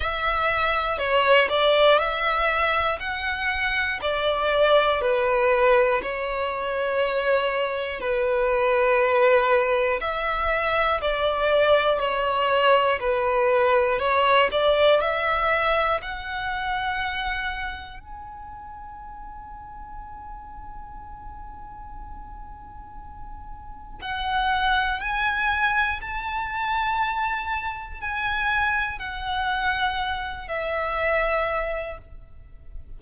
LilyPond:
\new Staff \with { instrumentName = "violin" } { \time 4/4 \tempo 4 = 60 e''4 cis''8 d''8 e''4 fis''4 | d''4 b'4 cis''2 | b'2 e''4 d''4 | cis''4 b'4 cis''8 d''8 e''4 |
fis''2 gis''2~ | gis''1 | fis''4 gis''4 a''2 | gis''4 fis''4. e''4. | }